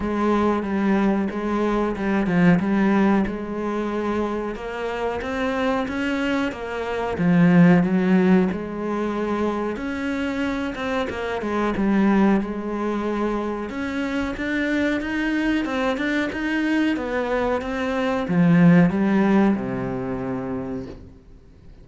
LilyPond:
\new Staff \with { instrumentName = "cello" } { \time 4/4 \tempo 4 = 92 gis4 g4 gis4 g8 f8 | g4 gis2 ais4 | c'4 cis'4 ais4 f4 | fis4 gis2 cis'4~ |
cis'8 c'8 ais8 gis8 g4 gis4~ | gis4 cis'4 d'4 dis'4 | c'8 d'8 dis'4 b4 c'4 | f4 g4 c2 | }